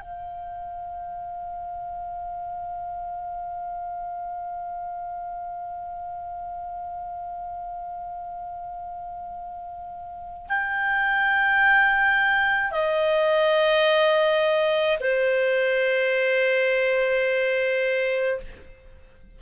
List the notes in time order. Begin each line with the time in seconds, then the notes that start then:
0.00 F5
10.48 G5
12.71 D#5
15.00 C5